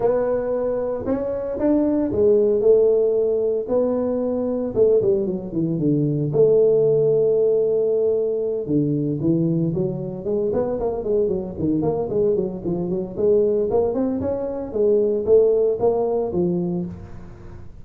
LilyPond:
\new Staff \with { instrumentName = "tuba" } { \time 4/4 \tempo 4 = 114 b2 cis'4 d'4 | gis4 a2 b4~ | b4 a8 g8 fis8 e8 d4 | a1~ |
a8 d4 e4 fis4 gis8 | b8 ais8 gis8 fis8 dis8 ais8 gis8 fis8 | f8 fis8 gis4 ais8 c'8 cis'4 | gis4 a4 ais4 f4 | }